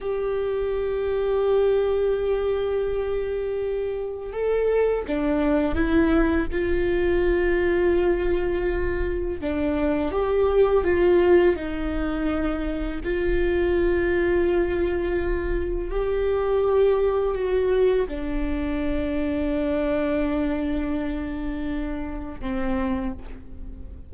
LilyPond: \new Staff \with { instrumentName = "viola" } { \time 4/4 \tempo 4 = 83 g'1~ | g'2 a'4 d'4 | e'4 f'2.~ | f'4 d'4 g'4 f'4 |
dis'2 f'2~ | f'2 g'2 | fis'4 d'2.~ | d'2. c'4 | }